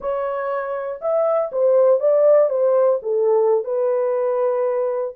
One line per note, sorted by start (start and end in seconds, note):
0.00 1.00 C#5
1.01 1.51 E5
1.52 2.00 C5
2.00 2.49 D5
2.49 2.99 C5
3.02 3.64 A4
3.64 5.14 B4